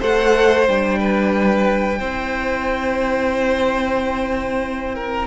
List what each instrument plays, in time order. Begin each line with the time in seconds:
0.00 cello A3, viola A4, violin C5 F#5
0.67 cello G3, viola D4, violin G5
1.00 violin B4
1.99 cello C4, viola E4, violin C5
4.95 violin A#4